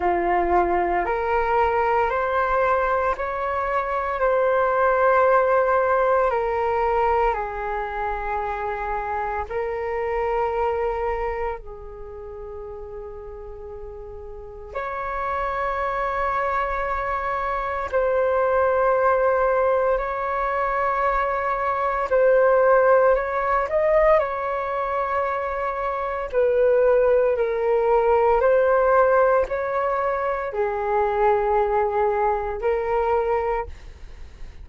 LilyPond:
\new Staff \with { instrumentName = "flute" } { \time 4/4 \tempo 4 = 57 f'4 ais'4 c''4 cis''4 | c''2 ais'4 gis'4~ | gis'4 ais'2 gis'4~ | gis'2 cis''2~ |
cis''4 c''2 cis''4~ | cis''4 c''4 cis''8 dis''8 cis''4~ | cis''4 b'4 ais'4 c''4 | cis''4 gis'2 ais'4 | }